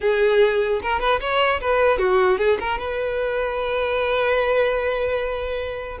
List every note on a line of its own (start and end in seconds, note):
0.01 0.81 G#4
0.82 0.99 A#4
0.99 1.19 B4
1.20 1.60 C#5
1.61 1.98 B4
1.98 2.37 F#4
2.37 2.57 G#4
2.59 2.78 A#4
2.78 5.98 B4